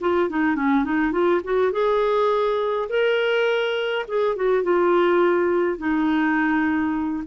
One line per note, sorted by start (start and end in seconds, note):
0.00 0.29 F4
0.29 0.55 D#4
0.55 0.84 C#4
0.84 1.12 D#4
1.12 1.41 F4
1.44 1.72 F#4
1.72 2.88 G#4
2.89 4.05 A#4
4.08 4.36 G#4
4.36 4.63 F#4
4.63 5.78 F4
5.78 7.23 D#4